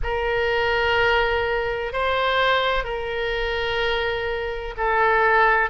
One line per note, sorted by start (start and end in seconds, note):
0.03 1.92 A#4
1.92 2.84 C5
2.84 4.74 A#4
4.77 5.70 A4